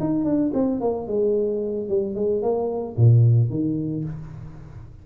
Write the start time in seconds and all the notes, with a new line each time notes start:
0.00 D#4
0.25 D4
0.54 C4
0.81 A#3
1.08 G#3
1.89 G3
2.15 G#3
2.43 A#3
2.97 A#2
3.50 D#3